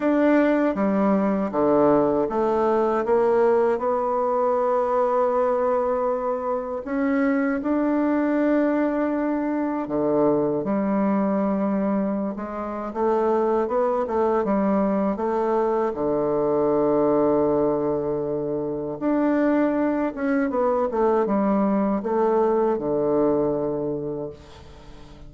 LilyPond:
\new Staff \with { instrumentName = "bassoon" } { \time 4/4 \tempo 4 = 79 d'4 g4 d4 a4 | ais4 b2.~ | b4 cis'4 d'2~ | d'4 d4 g2~ |
g16 gis8. a4 b8 a8 g4 | a4 d2.~ | d4 d'4. cis'8 b8 a8 | g4 a4 d2 | }